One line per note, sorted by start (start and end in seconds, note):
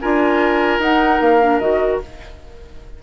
0.00 0.78 D4
0.00 0.82 F4
0.00 2.02 A#4
0.00 0.81 G#5
0.78 1.19 D#4
0.78 1.41 D#4
0.78 1.21 F#5
1.20 1.60 A#3
1.20 1.59 F5
1.41 1.61 D4
1.59 2.01 D#3
1.59 2.01 F#4
1.59 1.99 D#5